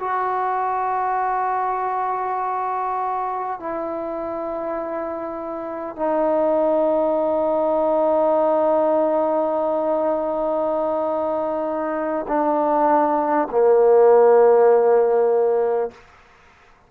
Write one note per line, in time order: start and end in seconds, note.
0.00 3.60 F#4
3.60 5.97 E4
5.97 12.27 D#4
12.28 13.48 D4
13.51 15.91 A#3